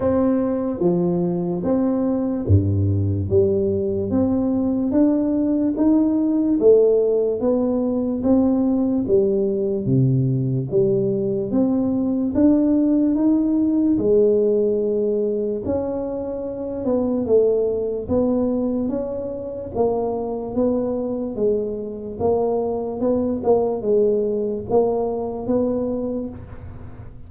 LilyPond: \new Staff \with { instrumentName = "tuba" } { \time 4/4 \tempo 4 = 73 c'4 f4 c'4 g,4 | g4 c'4 d'4 dis'4 | a4 b4 c'4 g4 | c4 g4 c'4 d'4 |
dis'4 gis2 cis'4~ | cis'8 b8 a4 b4 cis'4 | ais4 b4 gis4 ais4 | b8 ais8 gis4 ais4 b4 | }